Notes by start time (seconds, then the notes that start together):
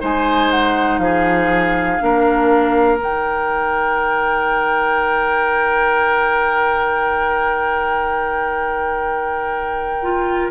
0.00 G#3 D#4 C5 G#5
0.51 F#5
0.99 F3 G#4 F5
2.00 A#3 D4 A#4
2.99 D#3 D#4 G5
10.02 F4